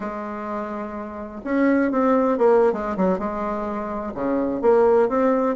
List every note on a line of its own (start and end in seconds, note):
0.00 1.41 G#3
1.44 1.91 C#4
1.91 2.38 C4
2.38 2.73 A#3
2.73 2.96 G#3
2.96 3.18 F#3
3.18 4.13 G#3
4.14 4.61 C#3
4.61 5.08 A#3
5.08 5.56 C4